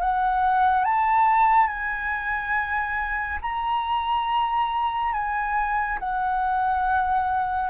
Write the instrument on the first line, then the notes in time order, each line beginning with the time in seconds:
flute
0.00 F#5
0.84 A5
1.67 G#5
3.41 A#5
5.13 G#5
5.99 F#5